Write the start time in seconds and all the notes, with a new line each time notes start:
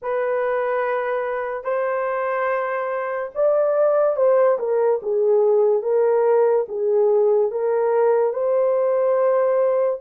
0.02 B4
1.64 C5
3.34 D5
4.16 C5
4.58 A#4
5.02 G#4
5.82 A#4
6.68 G#4
7.51 A#4
8.33 C5